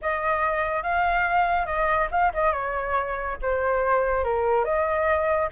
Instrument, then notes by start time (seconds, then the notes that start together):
flute
0.01 D#5
0.82 F5
1.65 D#5
2.11 F5
2.33 D#5
2.52 C#5
3.41 C5
4.23 A#4
4.64 D#5